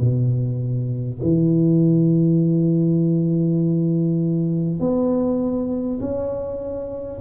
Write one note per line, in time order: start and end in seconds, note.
0.00 1.20 B2
1.22 4.80 E3
4.80 6.00 B3
6.01 7.21 C#4